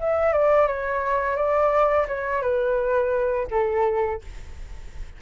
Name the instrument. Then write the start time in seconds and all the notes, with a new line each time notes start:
flute
0.00 E5
0.33 D5
0.67 C#5
1.36 D5
2.08 C#5
2.42 B4
3.51 A4